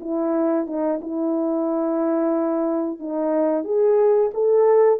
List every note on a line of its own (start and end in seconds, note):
0.00 0.67 E4
0.67 1.00 D#4
1.02 2.99 E4
2.99 3.64 D#4
3.64 4.31 G#4
4.34 5.00 A4